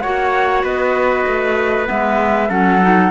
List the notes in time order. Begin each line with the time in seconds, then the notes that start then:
0.00 A#3 F#4 C#5 F#5
0.64 B3 B4 D#5
1.27 A3
1.86 G#3 B3 E5
2.49 F#3 C#4 A4 F#5
2.82 D#4